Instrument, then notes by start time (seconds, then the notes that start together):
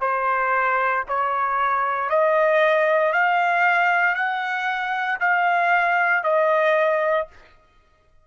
trumpet
0.00 C5
1.08 C#5
2.09 D#5
3.13 F5
4.15 F#5
5.20 F5
6.24 D#5